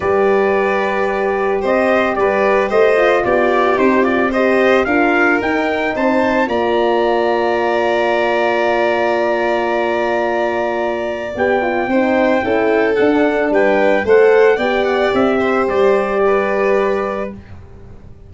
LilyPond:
<<
  \new Staff \with { instrumentName = "trumpet" } { \time 4/4 \tempo 4 = 111 d''2. dis''4 | d''4 dis''4 d''4 c''8 d''8 | dis''4 f''4 g''4 a''4 | ais''1~ |
ais''1~ | ais''4 g''2. | fis''4 g''4 fis''4 g''8 fis''8 | e''4 d''2. | }
  \new Staff \with { instrumentName = "violin" } { \time 4/4 b'2. c''4 | b'4 c''4 g'2 | c''4 ais'2 c''4 | d''1~ |
d''1~ | d''2 c''4 a'4~ | a'4 b'4 c''4 d''4~ | d''8 c''4. b'2 | }
  \new Staff \with { instrumentName = "horn" } { \time 4/4 g'1~ | g'4. f'4. dis'8 f'8 | g'4 f'4 dis'2 | f'1~ |
f'1~ | f'4 g'8 f'8 dis'4 e'4 | d'2 a'4 g'4~ | g'1 | }
  \new Staff \with { instrumentName = "tuba" } { \time 4/4 g2. c'4 | g4 a4 b4 c'4~ | c'4 d'4 dis'4 c'4 | ais1~ |
ais1~ | ais4 b4 c'4 cis'4 | d'4 g4 a4 b4 | c'4 g2. | }
>>